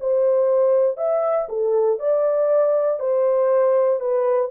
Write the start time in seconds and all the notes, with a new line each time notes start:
0.00 C5
0.97 E5
1.49 A4
1.99 D5
3.00 C5
4.00 B4